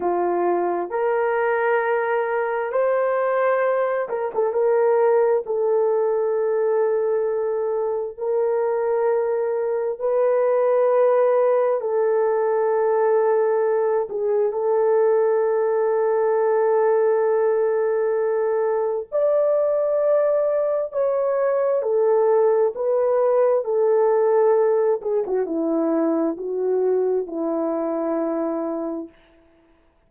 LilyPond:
\new Staff \with { instrumentName = "horn" } { \time 4/4 \tempo 4 = 66 f'4 ais'2 c''4~ | c''8 ais'16 a'16 ais'4 a'2~ | a'4 ais'2 b'4~ | b'4 a'2~ a'8 gis'8 |
a'1~ | a'4 d''2 cis''4 | a'4 b'4 a'4. gis'16 fis'16 | e'4 fis'4 e'2 | }